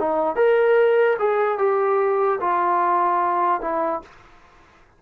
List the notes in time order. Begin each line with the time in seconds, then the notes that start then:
0.00 D#4
0.36 A#4
1.19 G#4
1.58 G4
2.41 F4
3.61 E4